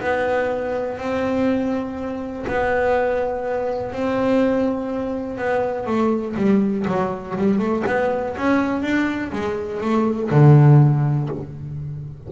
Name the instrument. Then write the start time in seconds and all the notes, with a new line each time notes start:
double bass
0.00 B3
0.98 C4
2.47 B3
3.93 C4
5.38 B3
5.86 A3
6.37 G3
6.88 F#3
7.38 G3
7.59 A3
7.87 B3
8.37 C#4
8.83 D4
9.32 G#3
9.81 A3
10.31 D3